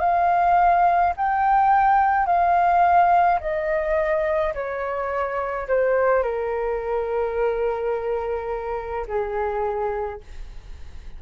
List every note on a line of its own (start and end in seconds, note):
0.00 1.13 F5
1.16 2.26 G5
2.26 3.39 F5
3.40 4.53 D#5
4.54 5.67 C#5
5.68 6.23 C5
6.23 9.06 A#4
9.07 10.20 G#4